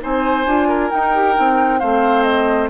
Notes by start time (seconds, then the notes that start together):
0.00 C4 D#4 C5 G#5
0.45 D4 F4
0.68 A#4
0.90 D#4 G5
1.14 G4
1.34 C4 D#4
1.79 A3 C4 C5 F5
2.22 D#5